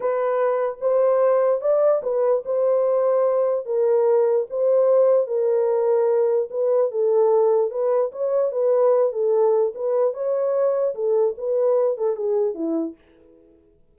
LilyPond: \new Staff \with { instrumentName = "horn" } { \time 4/4 \tempo 4 = 148 b'2 c''2 | d''4 b'4 c''2~ | c''4 ais'2 c''4~ | c''4 ais'2. |
b'4 a'2 b'4 | cis''4 b'4. a'4. | b'4 cis''2 a'4 | b'4. a'8 gis'4 e'4 | }